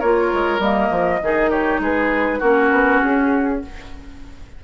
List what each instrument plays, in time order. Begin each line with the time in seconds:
0.00 bassoon A#3, clarinet F4, oboe A#4, flute C#5
0.33 bassoon G#3
0.60 bassoon G3, clarinet A#3, flute D#5
0.91 bassoon F3
1.23 bassoon D#3, clarinet D#4, oboe G#4
1.51 oboe G4, flute C#5
1.80 bassoon G#3, oboe G#4, flute B4
2.39 bassoon A#3, clarinet C#4, oboe F#4, flute A#4
2.72 bassoon B3
3.03 bassoon C#4, flute G#4